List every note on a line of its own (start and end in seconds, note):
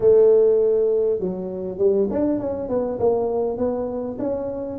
0.00 1.19 A3
1.19 1.78 F#3
1.78 2.08 G3
2.10 2.39 D4
2.39 2.68 C#4
2.68 2.98 B3
2.99 3.57 A#3
3.57 4.17 B3
4.18 4.78 C#4